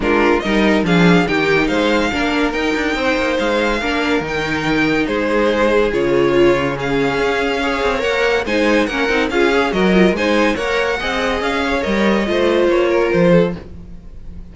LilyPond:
<<
  \new Staff \with { instrumentName = "violin" } { \time 4/4 \tempo 4 = 142 ais'4 dis''4 f''4 g''4 | f''2 g''2 | f''2 g''2 | c''2 cis''2 |
f''2. fis''4 | gis''4 fis''4 f''4 dis''4 | gis''4 fis''2 f''4 | dis''2 cis''4 c''4 | }
  \new Staff \with { instrumentName = "violin" } { \time 4/4 f'4 ais'4 gis'4 g'4 | c''4 ais'2 c''4~ | c''4 ais'2. | gis'2. f'4 |
gis'2 cis''2 | c''4 ais'4 gis'4 ais'4 | c''4 cis''4 dis''4. cis''8~ | cis''4 c''4. ais'4 a'8 | }
  \new Staff \with { instrumentName = "viola" } { \time 4/4 d'4 dis'4 d'4 dis'4~ | dis'4 d'4 dis'2~ | dis'4 d'4 dis'2~ | dis'2 f'2 |
cis'2 gis'4 ais'4 | dis'4 cis'8 dis'8 f'8 gis'8 fis'8 f'8 | dis'4 ais'4 gis'2 | ais'4 f'2. | }
  \new Staff \with { instrumentName = "cello" } { \time 4/4 gis4 g4 f4 dis4 | gis4 ais4 dis'8 d'8 c'8 ais8 | gis4 ais4 dis2 | gis2 cis2~ |
cis4 cis'4. c'8 ais4 | gis4 ais8 c'8 cis'4 fis4 | gis4 ais4 c'4 cis'4 | g4 a4 ais4 f4 | }
>>